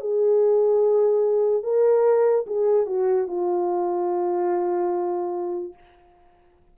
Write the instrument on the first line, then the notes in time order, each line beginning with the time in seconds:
horn
0.00 G#4
1.63 A#4
2.47 G#4
2.86 F#4
3.27 F4